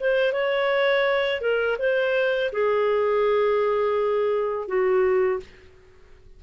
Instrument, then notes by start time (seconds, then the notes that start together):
clarinet
0.00 C5
0.33 C#5
1.41 A#4
1.78 C5
2.52 G#4
4.68 F#4